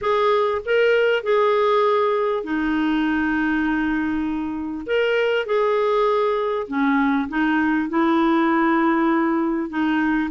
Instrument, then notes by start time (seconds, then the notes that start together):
clarinet
0.01 G#4
0.65 A#4
1.23 G#4
2.43 D#4
4.86 A#4
5.45 G#4
6.67 C#4
7.28 D#4
7.89 E4
9.69 D#4